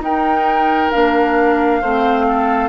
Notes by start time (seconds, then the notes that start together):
0.00 D#4 A#4 G5
0.91 A#3 D4 F5
1.82 A3 C4 C5
2.29 A4